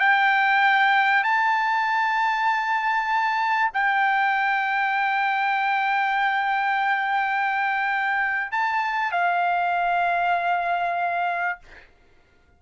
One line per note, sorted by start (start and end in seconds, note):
0.00 1.24 G5
1.24 3.71 A5
3.74 8.52 G5
8.52 9.12 A5
9.12 11.59 F5